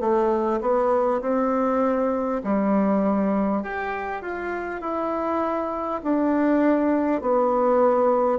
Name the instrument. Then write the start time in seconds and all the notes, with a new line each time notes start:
bassoon
0.00 A3
0.61 B3
1.21 C4
2.44 G3
3.62 G4
4.22 F4
4.81 E4
6.03 D4
7.21 B3